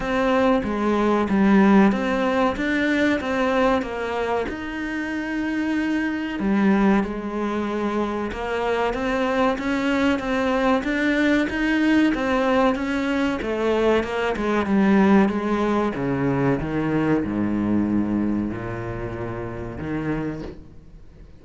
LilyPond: \new Staff \with { instrumentName = "cello" } { \time 4/4 \tempo 4 = 94 c'4 gis4 g4 c'4 | d'4 c'4 ais4 dis'4~ | dis'2 g4 gis4~ | gis4 ais4 c'4 cis'4 |
c'4 d'4 dis'4 c'4 | cis'4 a4 ais8 gis8 g4 | gis4 cis4 dis4 gis,4~ | gis,4 ais,2 dis4 | }